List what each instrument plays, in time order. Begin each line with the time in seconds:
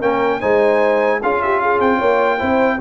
0.00 tuba A#3, trombone C#4, horn A#4, trumpet G5
0.41 tuba G#3, trombone D#4, horn C5, trumpet G#5
1.23 tuba C#4, trombone F4, horn G#4, trumpet F5
1.43 horn G4, trumpet E5
1.60 horn G#4, trumpet F5
1.80 tuba C4, trumpet G5
1.99 tuba A#3, horn C#5
2.39 tuba C4, trombone E4, horn C5